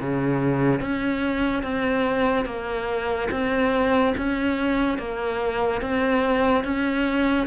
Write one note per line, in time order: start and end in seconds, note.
0.00 0.80 C#3
0.80 1.63 C#4
1.63 2.45 C4
2.45 3.28 A#3
3.31 4.14 C4
4.17 4.98 C#4
4.98 5.81 A#3
5.81 6.64 C4
6.64 7.47 C#4